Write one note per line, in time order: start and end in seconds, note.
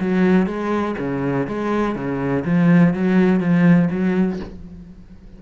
0.00 0.47 F#3
0.47 0.95 G#3
0.98 1.47 C#3
1.47 1.95 G#3
1.95 2.44 C#3
2.45 2.94 F3
2.94 3.40 F#3
3.40 3.88 F3
3.91 4.39 F#3